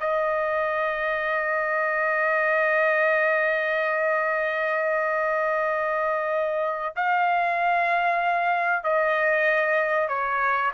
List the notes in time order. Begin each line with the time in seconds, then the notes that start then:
0.00 D#5
6.96 F5
8.83 D#5
10.08 C#5